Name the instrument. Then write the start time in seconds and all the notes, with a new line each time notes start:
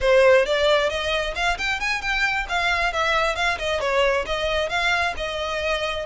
violin
0.00 C5
0.45 D5
0.89 D#5
1.35 F5
1.58 G5
1.80 G#5
2.01 G5
2.48 F5
2.92 E5
3.35 F5
3.58 D#5
3.80 C#5
4.25 D#5
4.69 F5
5.16 D#5